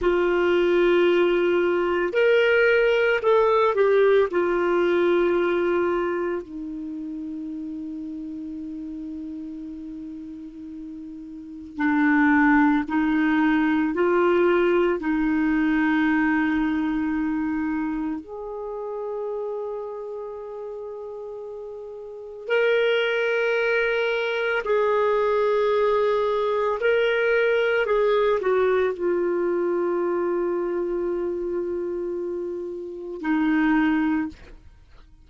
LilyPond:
\new Staff \with { instrumentName = "clarinet" } { \time 4/4 \tempo 4 = 56 f'2 ais'4 a'8 g'8 | f'2 dis'2~ | dis'2. d'4 | dis'4 f'4 dis'2~ |
dis'4 gis'2.~ | gis'4 ais'2 gis'4~ | gis'4 ais'4 gis'8 fis'8 f'4~ | f'2. dis'4 | }